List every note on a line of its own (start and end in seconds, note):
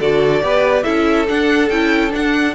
0.00 0.42 D3
0.00 0.42 F#4
0.00 0.43 A4
0.00 0.83 D5
0.42 0.84 B3
0.42 0.84 G4
0.42 0.84 B4
0.83 1.29 C#4
0.83 1.26 E4
0.83 2.54 A4
0.83 1.26 E5
1.27 1.70 D4
1.27 1.69 D4
1.27 1.69 F#5
1.69 2.12 C#4
1.69 2.10 E4
1.69 2.11 G5
2.10 2.52 D4
2.10 2.54 F#5
2.16 2.54 D4